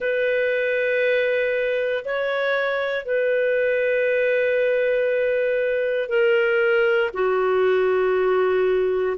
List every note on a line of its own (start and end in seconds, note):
0.00 2.04 B4
2.04 3.05 C#5
3.05 6.08 B4
6.08 7.10 A#4
7.13 9.17 F#4